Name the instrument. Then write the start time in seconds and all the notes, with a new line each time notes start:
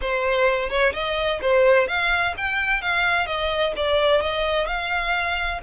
violin
0.01 C5
0.69 C#5
0.93 D#5
1.41 C5
1.87 F5
2.37 G5
2.81 F5
3.26 D#5
3.76 D5
4.21 D#5
4.66 F5